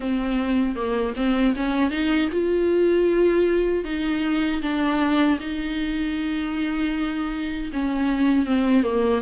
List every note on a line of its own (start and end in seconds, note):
0.00 0.75 C4
0.75 1.14 A#3
1.15 1.54 C4
1.56 1.90 C#4
1.90 2.29 D#4
2.32 3.84 F4
3.84 4.61 D#4
4.62 5.38 D4
5.40 7.70 D#4
7.72 8.45 C#4
8.45 8.83 C4
8.83 9.21 A#3